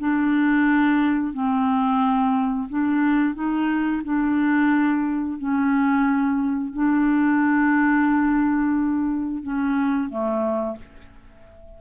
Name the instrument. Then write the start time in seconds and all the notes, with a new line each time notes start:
clarinet
0.00 D4
1.34 C4
2.69 D4
3.35 D#4
4.04 D4
5.39 C#4
6.74 D4
9.43 C#4
10.09 A3